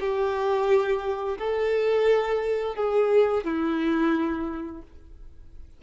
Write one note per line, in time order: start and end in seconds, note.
0.00 1.38 G4
1.38 2.76 A4
2.76 3.44 G#4
3.44 4.82 E4